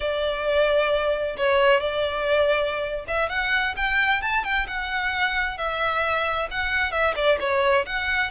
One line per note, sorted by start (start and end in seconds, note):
0.00 1.36 D5
1.37 1.80 C#5
1.80 3.05 D5
3.07 3.29 E5
3.29 3.74 F#5
3.76 4.21 G5
4.21 4.44 A5
4.44 4.67 G5
4.67 5.57 F#5
5.57 6.48 E5
6.50 6.91 F#5
6.91 7.14 E5
7.15 7.38 D5
7.40 7.85 C#5
7.86 8.30 F#5